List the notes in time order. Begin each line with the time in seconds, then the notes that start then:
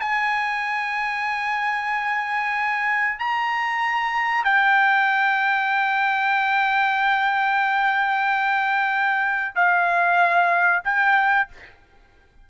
0.00 G#5
3.19 A#5
4.45 G5
9.56 F5
10.85 G5